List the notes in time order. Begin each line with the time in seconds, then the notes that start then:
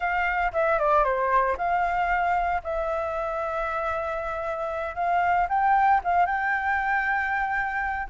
0.00 F5
0.52 E5
0.78 D5
1.04 C5
1.57 F5
2.63 E5
4.95 F5
5.48 G5
6.04 F5
6.25 G5